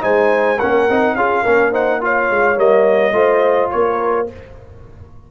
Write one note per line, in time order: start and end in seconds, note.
0.00 0.60 G#3
0.00 0.57 D#4
0.00 0.59 C5
0.00 0.59 G#5
0.59 0.89 A#3
0.59 0.89 C#4
0.59 1.16 A#4
0.59 1.16 F#5
0.89 1.15 C4
0.89 1.17 D#4
1.15 1.43 C#4
1.15 1.45 F4
1.15 1.43 G#4
1.15 1.72 F5
1.43 2.30 A#3
1.43 1.73 C#4
1.43 1.71 A#4
1.71 2.01 D#4
1.71 1.99 C5
1.71 2.02 F#5
2.01 2.56 F4
2.01 3.16 C#5
2.01 2.59 F5
2.30 2.57 G#3
2.56 3.12 G3
2.56 3.13 A#3
2.56 3.70 D#5
3.12 3.69 A3
3.12 4.27 F4
3.12 3.72 C5
3.70 4.30 A#3
3.70 4.31 A#4
3.70 4.27 C#5